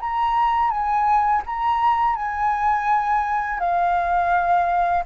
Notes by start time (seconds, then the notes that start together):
0.00 A#5
0.70 G#5
1.46 A#5
2.16 G#5
3.59 F5